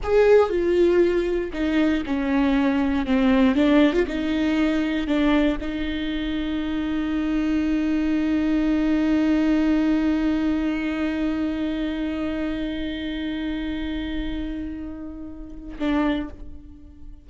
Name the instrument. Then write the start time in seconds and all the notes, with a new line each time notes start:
viola
0.03 G#4
0.49 F4
1.53 D#4
2.05 C#4
3.06 C4
3.55 D4
3.93 F4
4.07 D#4
5.07 D4
5.60 D#4
15.79 D4